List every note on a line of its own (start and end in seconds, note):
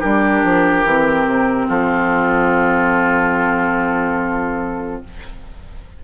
0.00 0.44 G3
0.00 0.87 D4
0.00 1.67 G4
0.00 1.68 A#4
0.44 0.85 F3
0.85 1.26 E3
0.85 5.05 C4
1.27 1.68 C3
1.69 5.03 F3
1.69 5.02 F4
1.69 5.03 A4